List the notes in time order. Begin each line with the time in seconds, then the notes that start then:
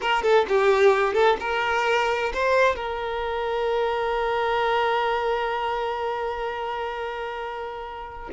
0.01 A#4
0.22 A4
0.48 G4
1.13 A4
1.40 A#4
2.33 C5
2.75 A#4